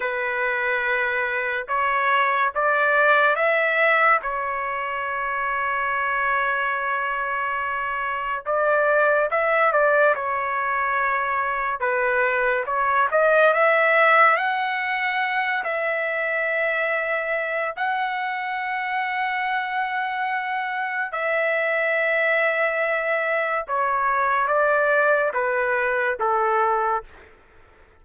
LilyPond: \new Staff \with { instrumentName = "trumpet" } { \time 4/4 \tempo 4 = 71 b'2 cis''4 d''4 | e''4 cis''2.~ | cis''2 d''4 e''8 d''8 | cis''2 b'4 cis''8 dis''8 |
e''4 fis''4. e''4.~ | e''4 fis''2.~ | fis''4 e''2. | cis''4 d''4 b'4 a'4 | }